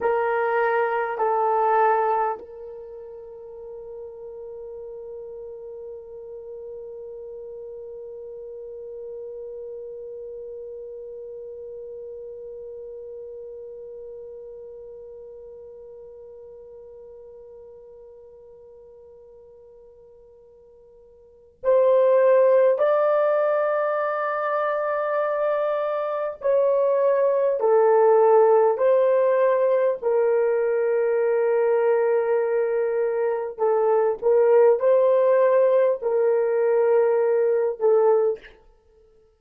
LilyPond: \new Staff \with { instrumentName = "horn" } { \time 4/4 \tempo 4 = 50 ais'4 a'4 ais'2~ | ais'1~ | ais'1~ | ais'1~ |
ais'2 c''4 d''4~ | d''2 cis''4 a'4 | c''4 ais'2. | a'8 ais'8 c''4 ais'4. a'8 | }